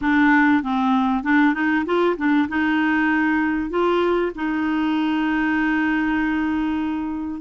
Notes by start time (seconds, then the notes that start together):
0.01 D4
0.62 C4
1.23 D4
1.54 D#4
1.85 F4
2.16 D4
2.48 D#4
3.70 F4
4.35 D#4